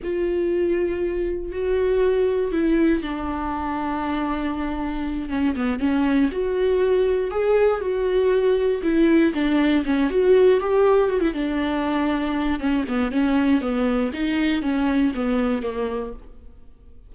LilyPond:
\new Staff \with { instrumentName = "viola" } { \time 4/4 \tempo 4 = 119 f'2. fis'4~ | fis'4 e'4 d'2~ | d'2~ d'8 cis'8 b8 cis'8~ | cis'8 fis'2 gis'4 fis'8~ |
fis'4. e'4 d'4 cis'8 | fis'4 g'4 fis'16 e'16 d'4.~ | d'4 cis'8 b8 cis'4 b4 | dis'4 cis'4 b4 ais4 | }